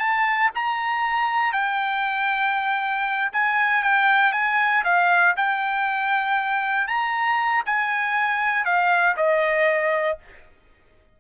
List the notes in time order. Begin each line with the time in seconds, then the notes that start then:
0.00 A5
0.55 A#5
1.53 G5
3.33 G#5
3.84 G5
4.33 G#5
4.85 F5
5.37 G5
6.88 A#5
7.66 G#5
8.66 F5
9.17 D#5